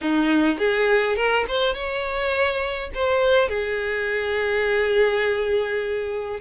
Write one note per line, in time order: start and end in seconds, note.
0.01 0.58 D#4
0.58 1.16 G#4
1.16 1.45 A#4
1.47 1.74 C5
1.74 2.90 C#5
2.94 3.48 C5
3.48 6.39 G#4